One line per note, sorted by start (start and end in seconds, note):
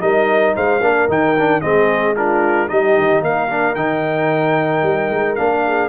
0.00 0.54 G3
0.00 0.80 D#4
0.00 0.55 A#4
0.00 0.55 D#5
0.55 0.80 G#3
0.55 0.82 C5
0.55 1.10 F5
0.80 1.07 A#3
0.80 1.08 D4
0.80 1.61 A#4
1.08 1.62 D#3
1.08 1.35 D#4
1.08 1.61 G5
1.38 1.61 D4
1.61 2.70 G#3
1.61 2.15 C4
1.61 2.15 G#4
1.61 2.14 D#5
2.15 2.67 D4
2.15 2.69 F4
2.15 2.68 A#4
2.67 2.97 G3
2.67 3.48 D#4
2.67 3.24 G4
2.67 3.22 D#5
2.97 3.21 D#3
3.21 3.75 A#3
3.21 5.65 A#4
3.21 3.75 F5
3.48 3.75 D4
3.75 4.82 D#3
3.75 5.37 D#4
3.75 5.35 G5
4.82 5.09 G3
5.10 5.37 G#3
5.35 5.89 A#3
5.35 5.89 D4
5.35 5.89 F5
5.66 5.89 G#4